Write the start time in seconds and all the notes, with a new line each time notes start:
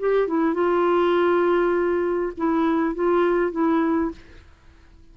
0.00 G4
0.28 E4
0.54 F4
2.37 E4
2.95 F4
3.52 E4